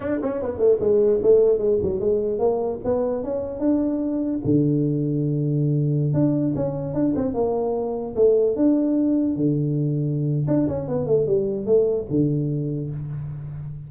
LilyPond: \new Staff \with { instrumentName = "tuba" } { \time 4/4 \tempo 4 = 149 d'8 cis'8 b8 a8 gis4 a4 | gis8 fis8 gis4 ais4 b4 | cis'4 d'2 d4~ | d2.~ d16 d'8.~ |
d'16 cis'4 d'8 c'8 ais4.~ ais16~ | ais16 a4 d'2 d8.~ | d2 d'8 cis'8 b8 a8 | g4 a4 d2 | }